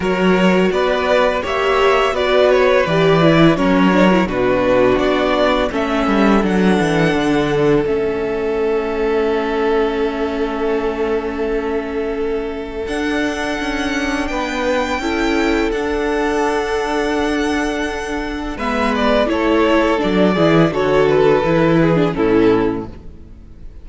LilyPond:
<<
  \new Staff \with { instrumentName = "violin" } { \time 4/4 \tempo 4 = 84 cis''4 d''4 e''4 d''8 cis''8 | d''4 cis''4 b'4 d''4 | e''4 fis''2 e''4~ | e''1~ |
e''2 fis''2 | g''2 fis''2~ | fis''2 e''8 d''8 cis''4 | d''4 cis''8 b'4. a'4 | }
  \new Staff \with { instrumentName = "violin" } { \time 4/4 ais'4 b'4 cis''4 b'4~ | b'4 ais'4 fis'2 | a'1~ | a'1~ |
a'1 | b'4 a'2.~ | a'2 b'4 a'4~ | a'8 gis'8 a'4. gis'8 e'4 | }
  \new Staff \with { instrumentName = "viola" } { \time 4/4 fis'2 g'4 fis'4 | g'8 e'8 cis'8 d'16 e'16 d'2 | cis'4 d'2 cis'4~ | cis'1~ |
cis'2 d'2~ | d'4 e'4 d'2~ | d'2 b4 e'4 | d'8 e'8 fis'4 e'8. d'16 cis'4 | }
  \new Staff \with { instrumentName = "cello" } { \time 4/4 fis4 b4 ais4 b4 | e4 fis4 b,4 b4 | a8 g8 fis8 e8 d4 a4~ | a1~ |
a2 d'4 cis'4 | b4 cis'4 d'2~ | d'2 gis4 a4 | fis8 e8 d4 e4 a,4 | }
>>